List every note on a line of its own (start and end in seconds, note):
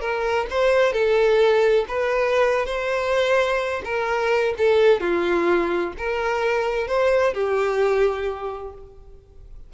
0.00 0.47 A#4
0.50 0.92 C5
0.92 1.85 A4
1.88 2.66 B4
2.66 3.82 C5
3.84 4.54 A#4
4.58 5.00 A4
5.00 5.93 F4
5.98 6.87 A#4
6.87 7.34 C5
7.34 8.73 G4